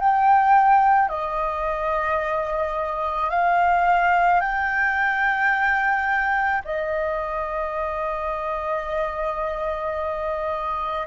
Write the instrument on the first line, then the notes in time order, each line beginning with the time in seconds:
flute
0.00 G5
1.09 D#5
3.30 F5
4.40 G5
6.65 D#5